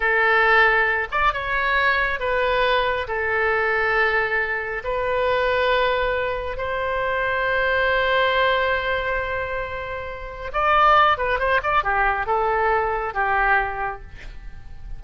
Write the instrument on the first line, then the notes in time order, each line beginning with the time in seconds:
oboe
0.00 A4
1.11 D5
1.33 C#5
2.19 B4
3.07 A4
4.84 B4
6.57 C5
10.52 D5
11.17 B4
11.39 C5
11.62 D5
11.83 G4
12.26 A4
13.14 G4